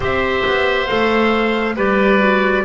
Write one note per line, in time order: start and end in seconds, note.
0.00 0.42 C4
0.00 0.87 G4
0.00 1.75 C5
0.00 0.87 E5
0.46 0.90 B3
0.87 1.76 A3
0.87 1.75 A4
0.87 1.75 F5
1.76 2.64 G3
1.76 2.19 G4
1.76 2.64 B4
1.76 2.65 D5
2.19 2.63 F#4